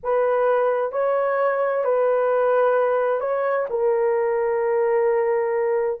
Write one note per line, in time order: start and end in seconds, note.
0.03 0.92 B4
0.92 1.84 C#5
1.84 3.20 B4
3.20 3.66 C#5
3.69 6.00 A#4